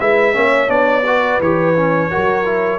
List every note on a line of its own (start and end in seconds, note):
0.00 0.35 G#3
0.00 0.33 E4
0.00 0.36 B4
0.00 0.70 E5
0.33 0.69 A#3
0.33 0.67 C#4
0.33 1.06 C#5
0.67 1.39 B3
0.67 1.03 D4
0.67 1.41 D5
1.06 1.42 F#4
1.06 2.10 B4
1.40 2.10 E3
1.40 1.76 G4
1.40 2.80 C#5
1.76 2.10 C#4
2.10 2.80 F#3
2.10 2.45 F#4
2.10 2.80 A#4
2.45 2.80 E4